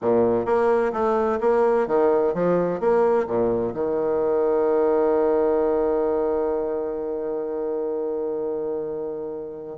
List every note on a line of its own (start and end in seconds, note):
0.01 0.45 A#2
0.45 0.92 A#3
0.92 1.39 A3
1.40 1.87 A#3
1.87 2.33 D#3
2.34 2.80 F3
2.80 3.26 A#3
3.27 3.73 A#2
3.74 9.78 D#3